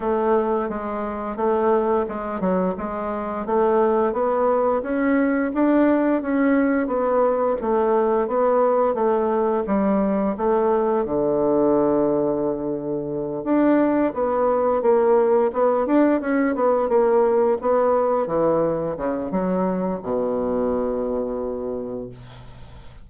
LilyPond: \new Staff \with { instrumentName = "bassoon" } { \time 4/4 \tempo 4 = 87 a4 gis4 a4 gis8 fis8 | gis4 a4 b4 cis'4 | d'4 cis'4 b4 a4 | b4 a4 g4 a4 |
d2.~ d8 d'8~ | d'8 b4 ais4 b8 d'8 cis'8 | b8 ais4 b4 e4 cis8 | fis4 b,2. | }